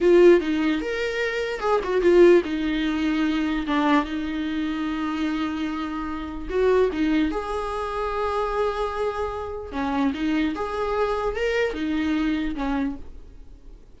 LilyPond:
\new Staff \with { instrumentName = "viola" } { \time 4/4 \tempo 4 = 148 f'4 dis'4 ais'2 | gis'8 fis'8 f'4 dis'2~ | dis'4 d'4 dis'2~ | dis'1 |
fis'4 dis'4 gis'2~ | gis'1 | cis'4 dis'4 gis'2 | ais'4 dis'2 cis'4 | }